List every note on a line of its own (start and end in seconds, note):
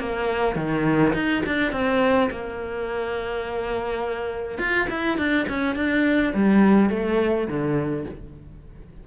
0.00 0.56 A#3
0.56 1.14 D#3
1.14 1.43 D#4
1.46 1.72 D4
1.72 2.30 C4
2.31 4.59 A#3
4.59 4.88 F4
4.90 5.18 E4
5.18 5.47 D4
5.49 5.76 C#4
5.76 6.34 D4
6.34 6.90 G3
6.90 7.48 A3
7.48 8.06 D3